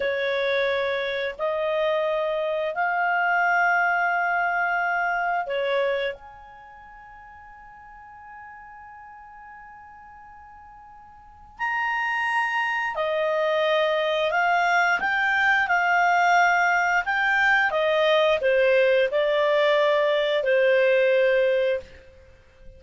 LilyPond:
\new Staff \with { instrumentName = "clarinet" } { \time 4/4 \tempo 4 = 88 cis''2 dis''2 | f''1 | cis''4 gis''2.~ | gis''1~ |
gis''4 ais''2 dis''4~ | dis''4 f''4 g''4 f''4~ | f''4 g''4 dis''4 c''4 | d''2 c''2 | }